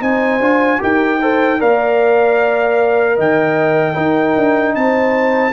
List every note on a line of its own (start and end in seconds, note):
0.00 0.39 C4
0.00 0.40 D#4
0.00 0.79 C5
0.00 0.81 G#5
0.39 0.79 D4
0.39 0.79 F4
0.79 1.61 D#4
0.79 1.18 G4
0.79 1.20 A#4
0.79 1.61 G5
1.20 1.59 A4
1.20 1.59 C5
1.59 3.18 A#3
1.59 3.94 A#4
1.59 3.16 D5
1.59 3.19 F5
3.16 3.96 D#3
3.16 3.94 D#5
3.16 4.75 G5
3.94 5.52 D#4
3.94 4.36 D#4
3.94 4.73 A#4
4.36 4.75 D4
4.75 5.52 C4
4.75 5.52 C5
4.75 5.52 A5